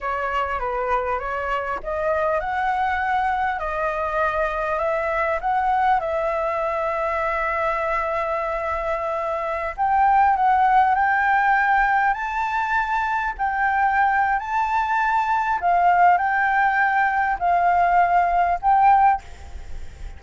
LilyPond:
\new Staff \with { instrumentName = "flute" } { \time 4/4 \tempo 4 = 100 cis''4 b'4 cis''4 dis''4 | fis''2 dis''2 | e''4 fis''4 e''2~ | e''1~ |
e''16 g''4 fis''4 g''4.~ g''16~ | g''16 a''2 g''4.~ g''16 | a''2 f''4 g''4~ | g''4 f''2 g''4 | }